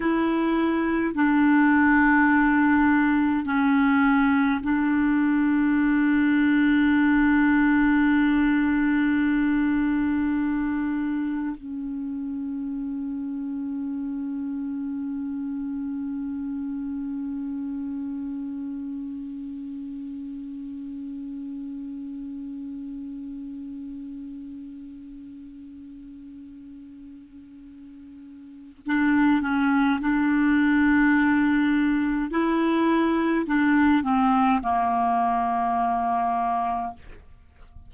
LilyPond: \new Staff \with { instrumentName = "clarinet" } { \time 4/4 \tempo 4 = 52 e'4 d'2 cis'4 | d'1~ | d'2 cis'2~ | cis'1~ |
cis'1~ | cis'1~ | cis'4 d'8 cis'8 d'2 | e'4 d'8 c'8 ais2 | }